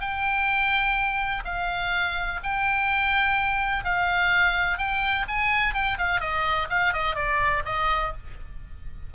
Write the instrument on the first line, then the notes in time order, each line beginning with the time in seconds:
oboe
0.00 G5
1.45 F5
2.43 G5
3.84 F5
4.78 G5
5.27 G#5
5.74 G5
5.98 F5
6.20 D#5
6.69 F5
6.93 D#5
7.15 D5
7.65 D#5